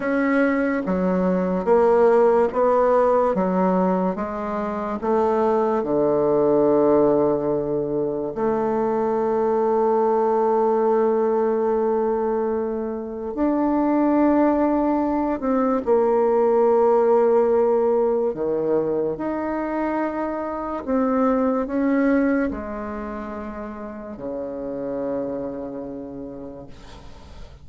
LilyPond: \new Staff \with { instrumentName = "bassoon" } { \time 4/4 \tempo 4 = 72 cis'4 fis4 ais4 b4 | fis4 gis4 a4 d4~ | d2 a2~ | a1 |
d'2~ d'8 c'8 ais4~ | ais2 dis4 dis'4~ | dis'4 c'4 cis'4 gis4~ | gis4 cis2. | }